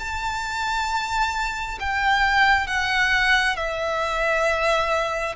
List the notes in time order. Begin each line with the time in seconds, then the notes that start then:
0.00 A5
1.80 G5
2.67 F#5
3.57 E5